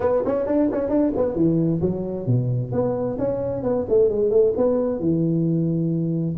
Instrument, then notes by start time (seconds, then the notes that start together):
tuba
0.00 B3
0.25 C#4
0.46 D4
0.71 C#4
0.89 D4
1.16 B3
1.35 E3
1.81 F#3
2.26 B2
2.72 B3
3.18 C#4
3.62 B3
3.89 A3
4.09 G#3
4.30 A3
4.57 B3
4.99 E3